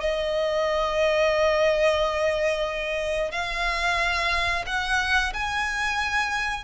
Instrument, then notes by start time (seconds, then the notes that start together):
violin
0.00 D#5
3.32 F5
4.66 F#5
5.33 G#5